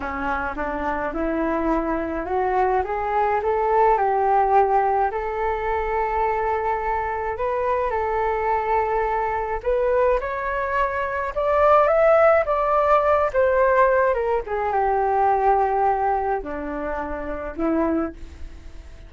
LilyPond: \new Staff \with { instrumentName = "flute" } { \time 4/4 \tempo 4 = 106 cis'4 d'4 e'2 | fis'4 gis'4 a'4 g'4~ | g'4 a'2.~ | a'4 b'4 a'2~ |
a'4 b'4 cis''2 | d''4 e''4 d''4. c''8~ | c''4 ais'8 gis'8 g'2~ | g'4 d'2 e'4 | }